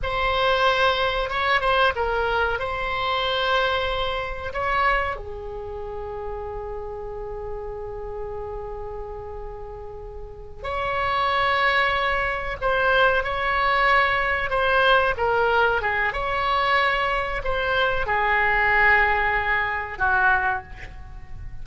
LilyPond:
\new Staff \with { instrumentName = "oboe" } { \time 4/4 \tempo 4 = 93 c''2 cis''8 c''8 ais'4 | c''2. cis''4 | gis'1~ | gis'1~ |
gis'8 cis''2. c''8~ | c''8 cis''2 c''4 ais'8~ | ais'8 gis'8 cis''2 c''4 | gis'2. fis'4 | }